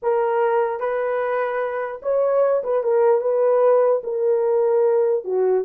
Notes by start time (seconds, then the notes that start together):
0.02 A#4
0.80 B4
2.02 C#5
2.63 B4
2.83 A#4
3.21 B4
4.03 A#4
5.24 F#4